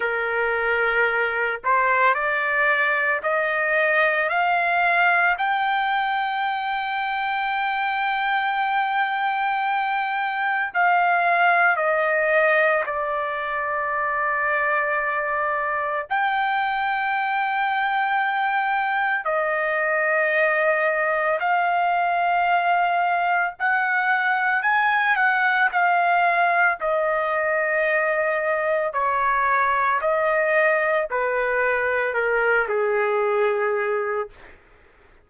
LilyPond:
\new Staff \with { instrumentName = "trumpet" } { \time 4/4 \tempo 4 = 56 ais'4. c''8 d''4 dis''4 | f''4 g''2.~ | g''2 f''4 dis''4 | d''2. g''4~ |
g''2 dis''2 | f''2 fis''4 gis''8 fis''8 | f''4 dis''2 cis''4 | dis''4 b'4 ais'8 gis'4. | }